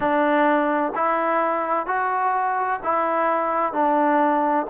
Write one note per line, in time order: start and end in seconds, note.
0.00 0.92 D4
0.95 1.86 E4
1.86 2.80 F#4
2.83 3.72 E4
3.72 4.66 D4